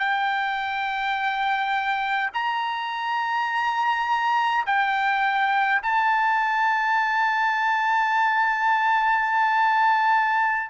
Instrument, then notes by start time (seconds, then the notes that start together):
trumpet
0.00 G5
2.34 A#5
4.67 G5
5.83 A5